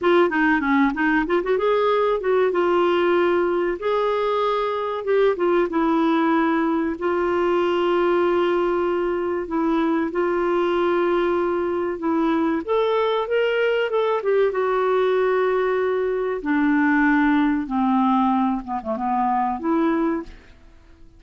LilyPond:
\new Staff \with { instrumentName = "clarinet" } { \time 4/4 \tempo 4 = 95 f'8 dis'8 cis'8 dis'8 f'16 fis'16 gis'4 fis'8 | f'2 gis'2 | g'8 f'8 e'2 f'4~ | f'2. e'4 |
f'2. e'4 | a'4 ais'4 a'8 g'8 fis'4~ | fis'2 d'2 | c'4. b16 a16 b4 e'4 | }